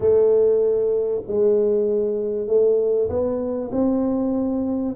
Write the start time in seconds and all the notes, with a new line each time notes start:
0.00 A3
1.27 G#3
2.47 A3
3.09 B3
3.72 C4